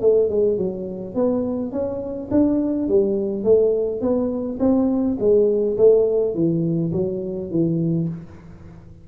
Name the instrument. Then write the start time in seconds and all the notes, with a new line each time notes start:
tuba
0.00 A3
0.29 G#3
0.57 F#3
1.14 B3
1.72 C#4
2.31 D4
2.88 G3
3.43 A3
4.01 B3
4.59 C4
5.19 G#3
5.77 A3
6.34 E3
6.92 F#3
7.50 E3